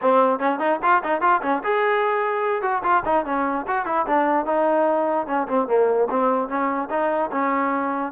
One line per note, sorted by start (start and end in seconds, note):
0.01 0.39 C4
0.39 0.59 C#4
0.59 0.79 D#4
0.82 1.02 F4
1.03 1.21 D#4
1.21 1.41 F4
1.42 1.62 C#4
1.63 2.61 G#4
2.61 2.82 F#4
2.83 3.03 F4
3.05 3.25 D#4
3.25 3.65 C#4
3.67 3.85 F#4
3.85 4.05 E4
4.06 4.45 D4
4.45 5.26 D#4
5.26 5.47 C#4
5.47 5.67 C4
5.67 6.08 A#3
6.10 6.48 C4
6.48 6.88 C#4
6.90 7.30 D#4
7.31 8.12 C#4